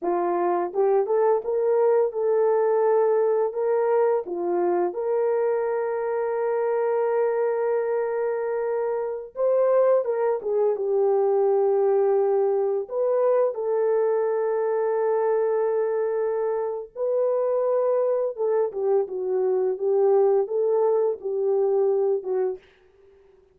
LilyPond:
\new Staff \with { instrumentName = "horn" } { \time 4/4 \tempo 4 = 85 f'4 g'8 a'8 ais'4 a'4~ | a'4 ais'4 f'4 ais'4~ | ais'1~ | ais'4~ ais'16 c''4 ais'8 gis'8 g'8.~ |
g'2~ g'16 b'4 a'8.~ | a'1 | b'2 a'8 g'8 fis'4 | g'4 a'4 g'4. fis'8 | }